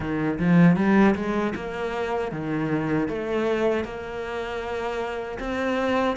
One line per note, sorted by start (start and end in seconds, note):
0.00 0.38 D#3
0.38 0.76 F3
0.76 1.14 G3
1.15 1.53 G#3
1.55 2.31 A#3
2.31 3.08 D#3
3.08 3.84 A3
3.84 5.38 A#3
5.39 6.16 C4